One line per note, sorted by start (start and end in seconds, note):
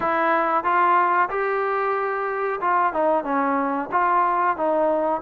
0.00 0.64 E4
0.64 1.29 F4
1.29 2.60 G4
2.61 2.93 F4
2.93 3.24 D#4
3.24 3.89 C#4
3.91 4.57 F4
4.57 5.21 D#4